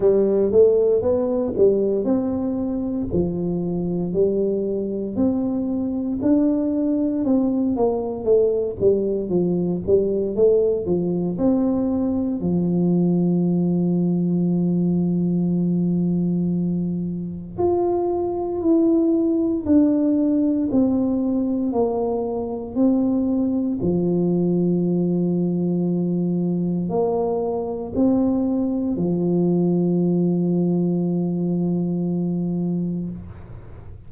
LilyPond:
\new Staff \with { instrumentName = "tuba" } { \time 4/4 \tempo 4 = 58 g8 a8 b8 g8 c'4 f4 | g4 c'4 d'4 c'8 ais8 | a8 g8 f8 g8 a8 f8 c'4 | f1~ |
f4 f'4 e'4 d'4 | c'4 ais4 c'4 f4~ | f2 ais4 c'4 | f1 | }